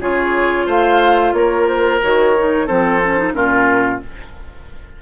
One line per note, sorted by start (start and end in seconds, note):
0.00 0.67 C#3
0.00 2.01 F4
0.00 0.67 G#4
0.00 0.69 C#5
0.67 1.33 A3
0.67 1.33 C5
0.67 1.34 F5
1.33 2.00 A#3
1.33 2.67 A#4
1.33 1.67 C#5
1.68 2.02 C5
2.03 2.70 D#3
2.03 2.36 F#4
2.03 2.68 C#5
2.38 2.68 D#4
2.67 3.35 F3
2.67 3.01 C4
2.67 3.33 A4
2.67 3.35 C5
3.05 3.18 C#4
3.18 3.34 D#4
3.34 4.02 A#2
3.34 4.01 C#4
3.34 4.02 F4
3.34 4.01 A#4